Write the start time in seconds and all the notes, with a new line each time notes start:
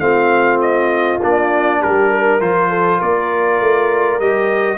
0.00 A3 C4 F4 F5
0.61 D#5
1.23 A#3 D4 D5
1.81 G3 G4 A#4
2.11 A#4
2.41 F3 F4 C5
2.70 A4
2.99 A#3 A#4 D5
3.60 A3
4.20 G3 G4 D#5